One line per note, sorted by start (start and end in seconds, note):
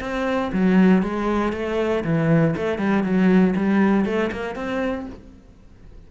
0.00 0.51 C4
0.52 1.02 F#3
1.02 1.53 G#3
1.53 2.03 A3
2.04 2.55 E3
2.56 2.78 A3
2.78 3.03 G3
3.03 3.54 F#3
3.56 4.05 G3
4.05 4.30 A3
4.31 4.55 A#3
4.55 5.06 C4